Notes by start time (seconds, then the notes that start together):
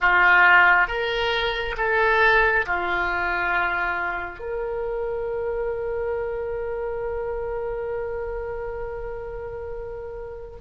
0.00 F4
0.87 A#4
1.77 A4
2.66 F4
4.39 A#4